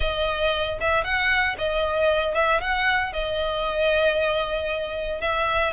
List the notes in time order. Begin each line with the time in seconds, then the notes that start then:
0.00 D#5
0.80 E5
1.03 F#5
1.58 D#5
2.34 E5
2.60 F#5
3.12 D#5
5.20 E5